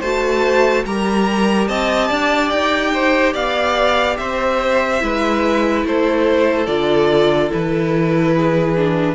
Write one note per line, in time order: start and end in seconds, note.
0.00 0.85 A3
0.00 0.86 F#4
0.00 0.83 C5
0.00 0.84 A5
0.85 1.68 G3
0.85 5.00 G4
0.85 1.68 A#4
0.85 1.68 A#5
1.68 2.10 C4
1.68 2.08 D#5
1.68 2.50 A5
2.08 2.52 D4
2.08 2.91 D5
2.50 3.34 D#4
2.50 3.34 G5
2.94 3.33 C5
3.33 4.18 B3
3.33 4.16 D5
3.33 4.17 F5
4.17 5.02 C4
4.17 5.03 C5
4.17 5.84 E5
5.00 5.84 G#3
5.00 6.67 E4
5.00 5.86 B4
5.84 6.67 A3
5.84 8.35 A4
5.84 6.66 C5
6.66 7.51 D3
6.66 7.50 F4
6.66 7.50 D5
7.50 9.15 E3
7.50 8.75 E4
7.50 9.15 B4
8.35 9.15 G#4
8.77 9.15 D4